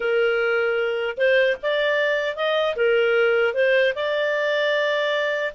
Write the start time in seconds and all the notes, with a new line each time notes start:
0.00 A#4
1.17 C5
1.62 D5
2.36 D#5
2.76 A#4
3.53 C5
3.95 D5